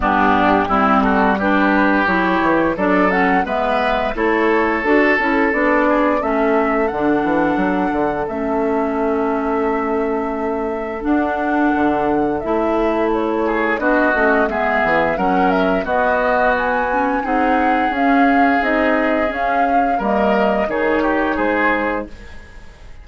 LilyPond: <<
  \new Staff \with { instrumentName = "flute" } { \time 4/4 \tempo 4 = 87 g'4. a'8 b'4 cis''4 | d''8 fis''8 e''4 cis''4 a'4 | d''4 e''4 fis''2 | e''1 |
fis''2 e''4 cis''4 | dis''4 e''4 fis''8 e''8 dis''4 | gis''4 fis''4 f''4 dis''4 | f''4 dis''4 cis''4 c''4 | }
  \new Staff \with { instrumentName = "oboe" } { \time 4/4 d'4 e'8 fis'8 g'2 | a'4 b'4 a'2~ | a'8 gis'8 a'2.~ | a'1~ |
a'2.~ a'8 gis'8 | fis'4 gis'4 ais'4 fis'4~ | fis'4 gis'2.~ | gis'4 ais'4 gis'8 g'8 gis'4 | }
  \new Staff \with { instrumentName = "clarinet" } { \time 4/4 b4 c'4 d'4 e'4 | d'8 cis'8 b4 e'4 fis'8 e'8 | d'4 cis'4 d'2 | cis'1 |
d'2 e'2 | d'8 cis'8 b4 cis'4 b4~ | b8 cis'8 dis'4 cis'4 dis'4 | cis'4 ais4 dis'2 | }
  \new Staff \with { instrumentName = "bassoon" } { \time 4/4 g,4 g2 fis8 e8 | fis4 gis4 a4 d'8 cis'8 | b4 a4 d8 e8 fis8 d8 | a1 |
d'4 d4 a2 | b8 a8 gis8 e8 fis4 b4~ | b4 c'4 cis'4 c'4 | cis'4 g4 dis4 gis4 | }
>>